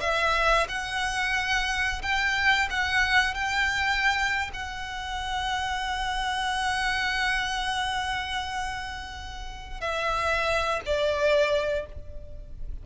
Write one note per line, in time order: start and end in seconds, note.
0.00 0.67 E5
0.68 2.02 F#5
2.02 2.68 G5
2.70 3.34 F#5
3.34 4.51 G5
4.53 9.81 F#5
9.81 10.81 E5
10.86 11.86 D5